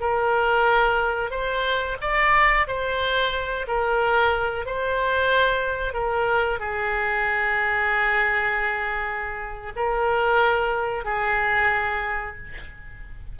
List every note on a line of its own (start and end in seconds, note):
0.00 1.30 A#4
1.30 1.96 C5
2.01 2.67 D5
2.67 3.66 C5
3.67 4.66 A#4
4.66 5.93 C5
5.93 6.59 A#4
6.59 9.73 G#4
9.76 11.05 A#4
11.05 12.37 G#4